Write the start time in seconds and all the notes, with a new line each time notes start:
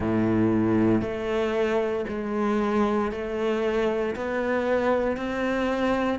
0.00 A2
1.01 A3
2.08 G#3
3.11 A3
4.15 B3
5.17 C4